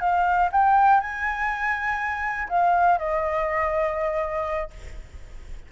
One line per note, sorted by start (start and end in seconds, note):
0.00 0.49 F5
0.52 1.00 G5
1.00 2.48 G#5
2.49 2.98 F5
2.98 4.70 D#5